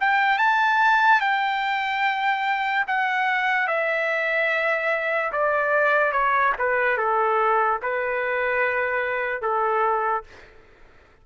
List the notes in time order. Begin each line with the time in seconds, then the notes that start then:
0.00 G5
0.38 A5
1.20 G5
2.87 F#5
3.67 E5
5.32 D5
6.12 C#5
6.58 B4
6.97 A4
7.82 B4
9.41 A4